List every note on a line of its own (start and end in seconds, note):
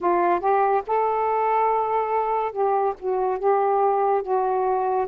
0.00 0.40 F4
0.40 0.82 G4
0.86 2.51 A4
2.51 2.93 G4
2.99 3.38 F#4
3.38 4.22 G4
4.22 5.07 F#4